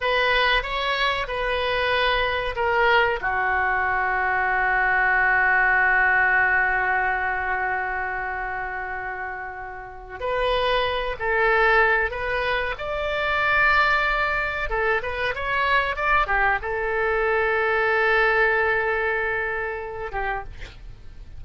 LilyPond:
\new Staff \with { instrumentName = "oboe" } { \time 4/4 \tempo 4 = 94 b'4 cis''4 b'2 | ais'4 fis'2.~ | fis'1~ | fis'1 |
b'4. a'4. b'4 | d''2. a'8 b'8 | cis''4 d''8 g'8 a'2~ | a'2.~ a'8 g'8 | }